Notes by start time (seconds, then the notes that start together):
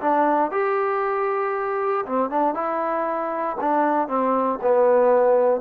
0.00 D4
0.51 G4
2.06 C4
2.30 D4
2.54 E4
3.60 D4
4.08 C4
4.62 B3